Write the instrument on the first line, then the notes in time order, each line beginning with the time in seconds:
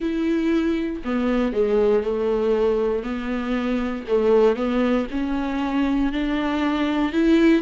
viola
0.00 E4
1.04 B3
1.53 G#3
2.03 A3
3.03 B3
4.08 A3
4.56 B3
5.11 C#4
6.12 D4
7.12 E4